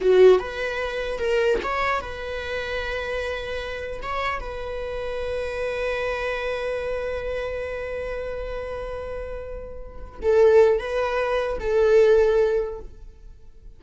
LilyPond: \new Staff \with { instrumentName = "viola" } { \time 4/4 \tempo 4 = 150 fis'4 b'2 ais'4 | cis''4 b'2.~ | b'2 cis''4 b'4~ | b'1~ |
b'1~ | b'1~ | b'4. a'4. b'4~ | b'4 a'2. | }